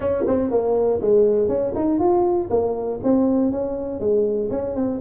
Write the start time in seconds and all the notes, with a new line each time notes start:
0.00 C#4
0.27 C4
0.50 A#3
1.01 G#3
1.48 C#4
1.75 D#4
1.99 F4
2.50 A#3
3.03 C4
3.51 C#4
4.00 G#3
4.50 C#4
4.75 C4